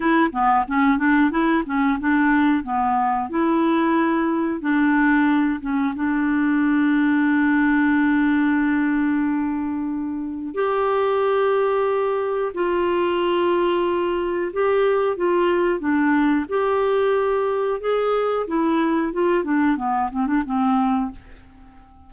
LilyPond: \new Staff \with { instrumentName = "clarinet" } { \time 4/4 \tempo 4 = 91 e'8 b8 cis'8 d'8 e'8 cis'8 d'4 | b4 e'2 d'4~ | d'8 cis'8 d'2.~ | d'1 |
g'2. f'4~ | f'2 g'4 f'4 | d'4 g'2 gis'4 | e'4 f'8 d'8 b8 c'16 d'16 c'4 | }